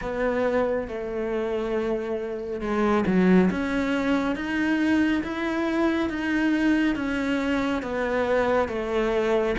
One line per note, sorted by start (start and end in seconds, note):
0.01 0.88 B3
0.88 2.60 A3
2.60 3.04 G#3
3.06 3.50 F#3
3.50 4.35 C#4
4.35 5.22 D#4
5.23 6.09 E4
6.09 6.95 D#4
6.95 7.82 C#4
7.82 8.68 B3
8.68 9.55 A3